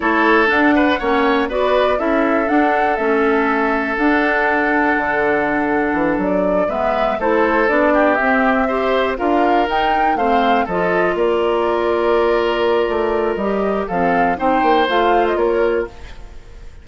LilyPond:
<<
  \new Staff \with { instrumentName = "flute" } { \time 4/4 \tempo 4 = 121 cis''4 fis''2 d''4 | e''4 fis''4 e''2 | fis''1~ | fis''8 d''4 e''4 c''4 d''8~ |
d''8 e''2 f''4 g''8~ | g''8 f''4 dis''4 d''4.~ | d''2. dis''4 | f''4 g''4 f''8. dis''16 cis''4 | }
  \new Staff \with { instrumentName = "oboe" } { \time 4/4 a'4. b'8 cis''4 b'4 | a'1~ | a'1~ | a'4. b'4 a'4. |
g'4. c''4 ais'4.~ | ais'8 c''4 a'4 ais'4.~ | ais'1 | a'4 c''2 ais'4 | }
  \new Staff \with { instrumentName = "clarinet" } { \time 4/4 e'4 d'4 cis'4 fis'4 | e'4 d'4 cis'2 | d'1~ | d'4. b4 e'4 d'8~ |
d'8 c'4 g'4 f'4 dis'8~ | dis'8 c'4 f'2~ f'8~ | f'2. g'4 | c'4 dis'4 f'2 | }
  \new Staff \with { instrumentName = "bassoon" } { \time 4/4 a4 d'4 ais4 b4 | cis'4 d'4 a2 | d'2 d2 | e8 fis4 gis4 a4 b8~ |
b8 c'2 d'4 dis'8~ | dis'8 a4 f4 ais4.~ | ais2 a4 g4 | f4 c'8 ais8 a4 ais4 | }
>>